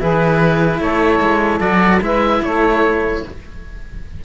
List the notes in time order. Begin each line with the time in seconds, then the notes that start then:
0.00 E3 E4 G#4 B4
0.80 A3 A4 C#5
1.20 G#3
1.60 F#3 F#4 D5
2.01 G#3 E4 B4 E5
2.43 A3 A4 C#5